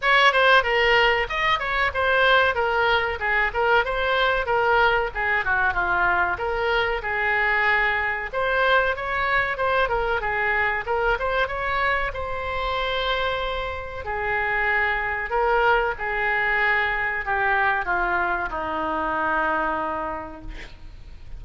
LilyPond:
\new Staff \with { instrumentName = "oboe" } { \time 4/4 \tempo 4 = 94 cis''8 c''8 ais'4 dis''8 cis''8 c''4 | ais'4 gis'8 ais'8 c''4 ais'4 | gis'8 fis'8 f'4 ais'4 gis'4~ | gis'4 c''4 cis''4 c''8 ais'8 |
gis'4 ais'8 c''8 cis''4 c''4~ | c''2 gis'2 | ais'4 gis'2 g'4 | f'4 dis'2. | }